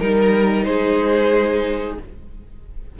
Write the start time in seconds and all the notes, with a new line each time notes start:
0.00 G3 D#4 A#4
0.64 G#3 G#4 C5